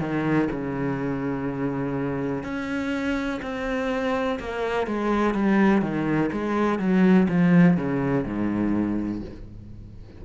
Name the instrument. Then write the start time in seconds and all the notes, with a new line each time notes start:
cello
0.00 D#3
0.51 C#3
2.43 C#4
3.42 C4
4.40 A#3
4.87 G#3
5.34 G3
5.82 D#3
6.32 G#3
6.79 F#3
7.28 F3
7.77 C#3
8.25 G#2